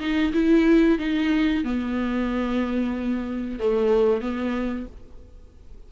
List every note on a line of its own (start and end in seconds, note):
0.00 0.33 D#4
0.33 0.99 E4
0.99 1.64 D#4
1.65 3.59 B3
3.59 4.22 A3
4.22 4.87 B3